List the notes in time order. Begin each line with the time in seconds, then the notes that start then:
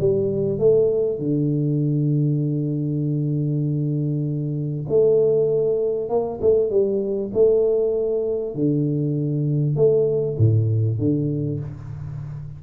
0.00 G3
0.59 A3
1.19 D3
4.89 A3
6.09 A#3
6.41 A3
6.70 G3
7.34 A3
8.55 D3
9.76 A3
10.38 A2
10.98 D3